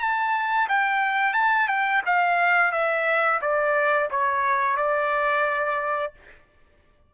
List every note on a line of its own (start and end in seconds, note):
0.00 0.68 A5
0.69 1.34 G5
1.34 1.68 A5
1.68 2.02 G5
2.06 2.72 F5
2.72 3.41 E5
3.42 4.10 D5
4.11 4.77 C#5
4.77 6.13 D5